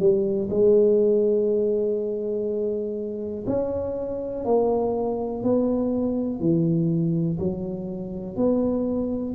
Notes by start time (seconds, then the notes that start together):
0.00 G3
0.51 G#3
3.47 C#4
4.45 A#3
5.44 B3
6.40 E3
7.39 F#3
8.37 B3